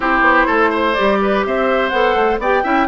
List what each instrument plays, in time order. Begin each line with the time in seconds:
0.00 bassoon C4, clarinet E4, oboe G4, flute C5
0.21 bassoon B3
0.46 bassoon A3, oboe A4
0.70 oboe C5
0.92 clarinet G4, flute D5
0.99 bassoon G3
1.21 oboe B4
1.45 bassoon C4, oboe C5, flute E5
1.88 bassoon B3, clarinet A4, flute F#5
2.15 bassoon A3
2.39 bassoon B3, clarinet G4, oboe D5, flute G5
2.63 bassoon C#4, clarinet E4, oboe E5